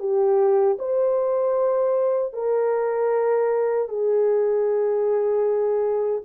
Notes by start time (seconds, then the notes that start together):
0.00 G4
0.79 C5
2.34 A#4
3.89 G#4